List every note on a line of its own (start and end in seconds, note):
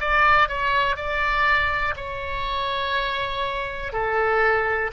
0.00 0.48 D5
0.48 0.96 C#5
0.96 1.94 D5
1.96 3.93 C#5
3.93 4.91 A4